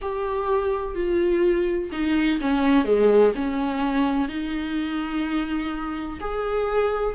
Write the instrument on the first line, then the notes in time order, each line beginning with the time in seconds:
viola
0.01 G4
0.94 F4
1.92 D#4
2.40 C#4
2.84 G#3
3.35 C#4
4.28 D#4
6.20 G#4